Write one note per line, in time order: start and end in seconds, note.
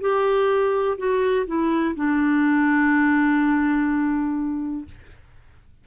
0.00 0.97 G4
0.98 1.46 F#4
1.46 1.95 E4
1.95 4.85 D4